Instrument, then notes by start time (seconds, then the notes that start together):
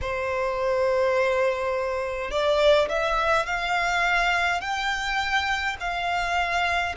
violin
0.01 C5
2.30 D5
2.88 E5
3.46 F5
4.60 G5
5.80 F5